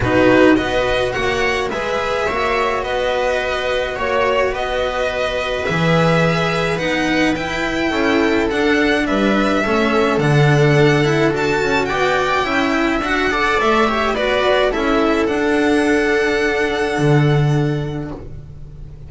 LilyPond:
<<
  \new Staff \with { instrumentName = "violin" } { \time 4/4 \tempo 4 = 106 b'4 dis''4 fis''4 e''4~ | e''4 dis''2 cis''4 | dis''2 e''2 | fis''4 g''2 fis''4 |
e''2 fis''2 | a''4 g''2 fis''4 | e''4 d''4 e''4 fis''4~ | fis''1 | }
  \new Staff \with { instrumentName = "viola" } { \time 4/4 fis'4 b'4 cis''4 b'4 | cis''4 b'2 cis''4 | b'1~ | b'2 a'2 |
b'4 a'2.~ | a'4 d''4 e''4. d''8~ | d''8 cis''8 b'4 a'2~ | a'1 | }
  \new Staff \with { instrumentName = "cello" } { \time 4/4 dis'4 fis'2 gis'4 | fis'1~ | fis'2 gis'2 | dis'4 e'2 d'4~ |
d'4 cis'4 d'4. e'8 | fis'2 e'4 fis'8 a'8~ | a'8 g'8 fis'4 e'4 d'4~ | d'1 | }
  \new Staff \with { instrumentName = "double bass" } { \time 4/4 b,4 b4 ais4 gis4 | ais4 b2 ais4 | b2 e2 | b4 e'4 cis'4 d'4 |
g4 a4 d2 | d'8 cis'8 b4 cis'4 d'4 | a4 b4 cis'4 d'4~ | d'2 d2 | }
>>